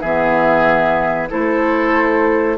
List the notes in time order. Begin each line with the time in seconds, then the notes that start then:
0.00 E3 B3 G#4 E5
1.29 A3 E4 A4 C5